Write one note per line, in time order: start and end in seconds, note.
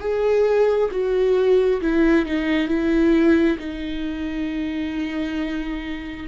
0.00 0.90 G#4
0.91 1.81 F#4
1.81 2.26 E4
2.26 2.67 D#4
2.67 3.57 E4
3.58 6.27 D#4